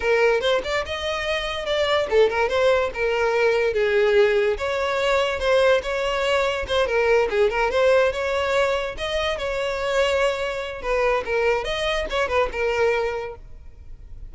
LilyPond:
\new Staff \with { instrumentName = "violin" } { \time 4/4 \tempo 4 = 144 ais'4 c''8 d''8 dis''2 | d''4 a'8 ais'8 c''4 ais'4~ | ais'4 gis'2 cis''4~ | cis''4 c''4 cis''2 |
c''8 ais'4 gis'8 ais'8 c''4 cis''8~ | cis''4. dis''4 cis''4.~ | cis''2 b'4 ais'4 | dis''4 cis''8 b'8 ais'2 | }